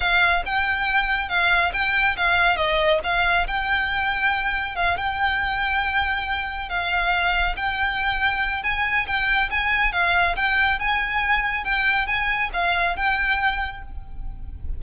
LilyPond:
\new Staff \with { instrumentName = "violin" } { \time 4/4 \tempo 4 = 139 f''4 g''2 f''4 | g''4 f''4 dis''4 f''4 | g''2. f''8 g''8~ | g''2.~ g''8 f''8~ |
f''4. g''2~ g''8 | gis''4 g''4 gis''4 f''4 | g''4 gis''2 g''4 | gis''4 f''4 g''2 | }